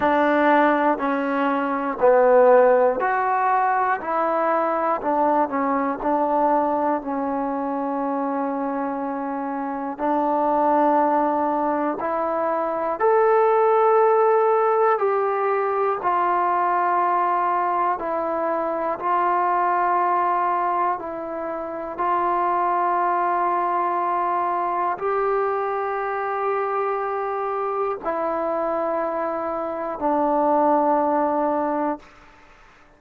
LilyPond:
\new Staff \with { instrumentName = "trombone" } { \time 4/4 \tempo 4 = 60 d'4 cis'4 b4 fis'4 | e'4 d'8 cis'8 d'4 cis'4~ | cis'2 d'2 | e'4 a'2 g'4 |
f'2 e'4 f'4~ | f'4 e'4 f'2~ | f'4 g'2. | e'2 d'2 | }